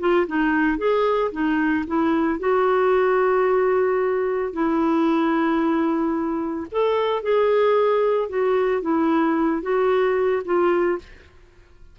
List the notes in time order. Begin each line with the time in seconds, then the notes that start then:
0.00 F4
0.28 D#4
0.78 G#4
1.32 D#4
1.87 E4
2.40 F#4
4.53 E4
6.72 A4
7.23 G#4
8.29 F#4
8.82 E4
9.63 F#4
10.45 F4